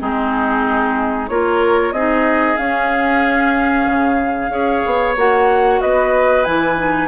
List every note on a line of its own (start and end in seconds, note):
0.00 1.30 G#3
0.00 1.29 C4
0.00 1.31 D#4
0.00 1.29 G#4
1.29 1.92 A#3
1.29 1.95 F4
1.29 1.94 A#4
1.29 1.93 C#5
1.92 2.57 C4
1.92 2.58 D#4
1.92 4.52 G#4
1.92 2.57 D#5
2.57 4.51 C#4
2.57 3.87 C#4
2.57 5.15 F5
3.87 4.50 C#3
4.50 4.82 C#4
4.50 5.16 G#4
4.50 5.82 C#5
4.86 5.17 B3
5.17 5.81 A#3
5.17 6.46 F#4
5.17 5.82 F#5
5.82 6.47 B3
5.82 7.09 B4
5.82 6.45 D#5
6.45 7.09 E3
6.45 6.77 E4
6.45 7.09 G#5
6.77 7.09 D#4